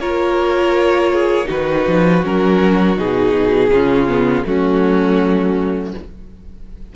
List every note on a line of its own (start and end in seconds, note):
0.00 1.48 A#3
0.00 1.46 F4
0.00 1.13 A#4
0.00 1.49 C#5
1.13 1.48 G#4
1.46 1.87 D#3
1.46 2.20 D#4
1.46 3.70 F#4
1.46 2.25 B4
1.88 2.25 F3
2.24 2.99 F#3
2.24 2.97 C#4
2.24 2.98 A#4
2.97 3.70 B2
2.97 3.71 D#4
2.97 4.46 G#4
3.70 4.44 C#3
3.70 4.08 C#4
3.70 4.47 F4
4.08 4.45 B3
4.46 5.94 F#3
4.46 5.94 A3
4.46 5.96 C#4
4.46 5.94 F#4